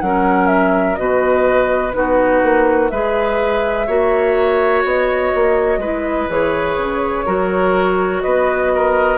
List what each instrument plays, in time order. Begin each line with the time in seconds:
0.00 bassoon F#3, clarinet C#4, oboe A#4, flute F#5
0.47 flute E5
0.95 bassoon B2, clarinet F#4, oboe B4, flute D#5
1.93 bassoon B3, clarinet D#4, oboe F#4, flute B4
2.42 bassoon A#3
2.89 bassoon G#3, clarinet G#4, oboe B4, flute E5
3.86 bassoon A#3, clarinet F#4, oboe C#5
4.84 bassoon B3, flute D#5
5.34 bassoon A#3
5.78 bassoon G#3, clarinet E4, oboe B4
6.29 bassoon E3, clarinet G#4, flute C#5
6.77 bassoon C#3
7.25 bassoon F#3, clarinet F#4, oboe A#4
8.21 bassoon B3, oboe B4, flute D#5
8.74 oboe A#4